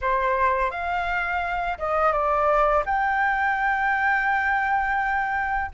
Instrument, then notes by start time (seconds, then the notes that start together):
flute
0.01 C5
0.70 F5
1.78 D#5
2.12 D5
2.85 G5